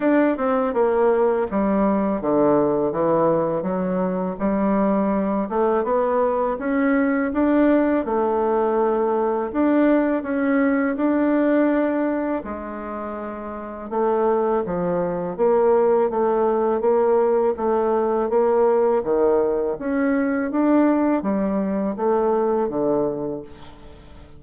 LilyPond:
\new Staff \with { instrumentName = "bassoon" } { \time 4/4 \tempo 4 = 82 d'8 c'8 ais4 g4 d4 | e4 fis4 g4. a8 | b4 cis'4 d'4 a4~ | a4 d'4 cis'4 d'4~ |
d'4 gis2 a4 | f4 ais4 a4 ais4 | a4 ais4 dis4 cis'4 | d'4 g4 a4 d4 | }